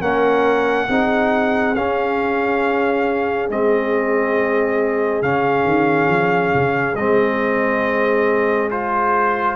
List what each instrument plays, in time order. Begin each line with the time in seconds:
0.00 tuba A#3, trombone C#4, horn A#4, trumpet F#5
0.88 tuba C4, trombone D#4, horn G#4
1.75 tuba C#4, trombone C#4, trumpet F5
3.49 tuba G#3, trombone C4, trumpet D#5
5.22 tuba C#3, trombone C#4, trumpet F5
5.65 tuba D#3
6.08 tuba F3
6.54 tuba C#3
6.95 tuba G#3, trombone C4, trumpet D#5
8.70 trombone F4, trumpet C5